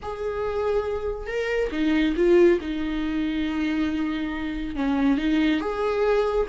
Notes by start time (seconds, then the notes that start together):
0.02 G#4
1.26 A#4
1.71 D#4
2.16 F4
2.60 D#4
4.75 C#4
5.17 D#4
5.60 G#4